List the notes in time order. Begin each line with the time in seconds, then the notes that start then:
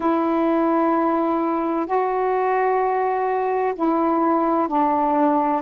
0.00 E4
1.86 F#4
3.75 E4
4.68 D4